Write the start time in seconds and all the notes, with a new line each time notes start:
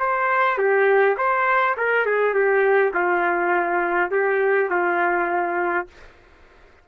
0.00 C5
0.58 G4
1.18 C5
1.77 A#4
2.06 G#4
2.35 G4
2.94 F4
4.12 G4
4.70 F4